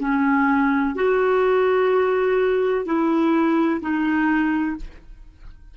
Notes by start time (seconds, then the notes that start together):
0.00 C#4
0.95 F#4
2.86 E4
3.81 D#4